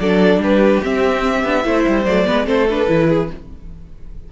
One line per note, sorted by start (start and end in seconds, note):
0.00 0.38 F#3
0.00 0.83 D4
0.00 0.42 A4
0.00 0.41 D5
0.38 0.79 G3
0.38 1.65 G4
0.38 0.83 B4
0.83 1.44 C4
0.83 2.05 E5
1.44 1.65 B3
1.44 1.64 D4
1.64 1.85 A3
1.64 2.05 E4
1.64 2.27 C5
1.88 2.05 G3
2.05 2.26 F#3
2.05 2.25 A3
2.05 2.46 D5
2.25 2.46 G#3
2.25 2.45 B3
2.25 2.46 B4
2.45 2.87 A3
2.45 2.66 C4
2.45 3.08 A4
2.45 2.68 C5
2.70 2.87 D4
2.70 3.32 B4
2.87 3.30 E3
2.87 3.28 E4
3.08 3.29 G#4